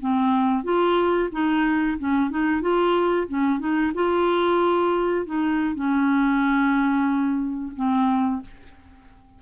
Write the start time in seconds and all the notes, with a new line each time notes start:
0.00 C4
0.64 F4
1.32 D#4
1.98 C#4
2.30 D#4
2.61 F4
3.28 C#4
3.59 D#4
3.94 F4
5.26 D#4
5.75 C#4
7.76 C4